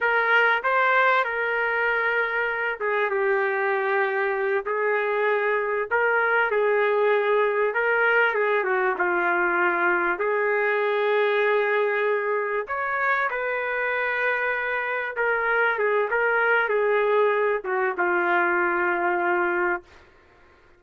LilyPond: \new Staff \with { instrumentName = "trumpet" } { \time 4/4 \tempo 4 = 97 ais'4 c''4 ais'2~ | ais'8 gis'8 g'2~ g'8 gis'8~ | gis'4. ais'4 gis'4.~ | gis'8 ais'4 gis'8 fis'8 f'4.~ |
f'8 gis'2.~ gis'8~ | gis'8 cis''4 b'2~ b'8~ | b'8 ais'4 gis'8 ais'4 gis'4~ | gis'8 fis'8 f'2. | }